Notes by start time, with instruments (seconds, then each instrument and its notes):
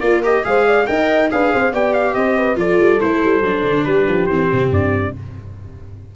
0.00 tuba A#3, viola F4, horn A#4, trumpet D5
0.23 viola G4, trumpet D#5
0.44 tuba G#3, viola G#4, horn C5, trumpet F5
0.66 horn D5
0.87 tuba D#4, viola A#4, horn D#5, trumpet G5
1.30 tuba D4, viola G#4, horn B4, trumpet F5
1.53 tuba C4, horn C5
1.72 tuba B3, viola G4, horn D5, trumpet G5
1.93 trumpet F5
2.14 tuba C4, horn C5, trumpet D#5
2.37 horn B4
2.56 tuba F3, viola F4, horn A4, trumpet D5
2.79 tuba G3
3.01 tuba A3, viola E4, trumpet C5
3.24 tuba G3
3.41 tuba F#3, viola D4
3.64 tuba D3
3.85 tuba G3, horn G4, trumpet B4
4.08 tuba F3
4.26 tuba E3, viola C4, trumpet C5
4.52 tuba C3
4.71 tuba G2, trumpet D5